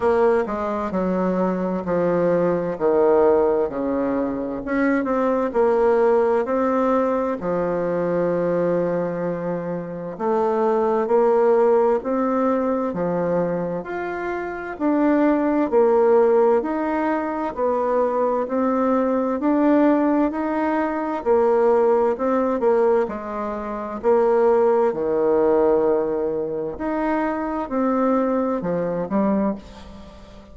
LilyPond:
\new Staff \with { instrumentName = "bassoon" } { \time 4/4 \tempo 4 = 65 ais8 gis8 fis4 f4 dis4 | cis4 cis'8 c'8 ais4 c'4 | f2. a4 | ais4 c'4 f4 f'4 |
d'4 ais4 dis'4 b4 | c'4 d'4 dis'4 ais4 | c'8 ais8 gis4 ais4 dis4~ | dis4 dis'4 c'4 f8 g8 | }